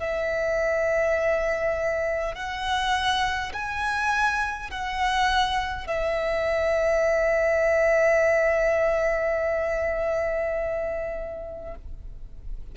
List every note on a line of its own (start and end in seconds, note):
0.00 2.35 E5
2.35 3.53 F#5
3.53 4.71 G#5
4.71 5.87 F#5
5.87 11.75 E5